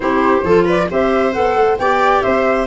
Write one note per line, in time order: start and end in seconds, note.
0.00 0.42 C4
0.00 0.41 E4
0.00 0.45 G4
0.00 0.66 C5
0.43 0.87 F3
0.43 0.89 F4
0.43 0.64 A4
0.64 0.87 B4
0.64 0.90 D5
0.89 1.35 C4
0.89 1.32 G4
0.89 1.79 C5
0.89 1.32 E5
1.32 1.55 B3
1.32 1.77 A4
1.32 1.77 F#5
1.55 1.77 A3
1.78 2.23 B3
1.78 2.67 G4
1.78 2.23 D5
1.78 2.22 G5
2.22 2.67 C4
2.22 2.67 C5
2.22 2.66 E5